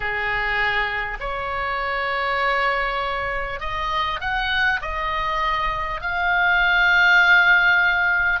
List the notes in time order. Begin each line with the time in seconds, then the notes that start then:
0.00 G#4
1.20 C#5
3.59 D#5
4.20 F#5
4.81 D#5
6.01 F5